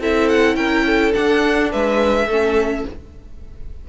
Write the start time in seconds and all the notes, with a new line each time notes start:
0.00 C4 E4 A4 E5
0.29 F#5
0.56 C#4 A#4 G5
0.86 A4
1.13 D4 F#5
1.72 G#3 B4 E5
2.27 A3 C#4 A4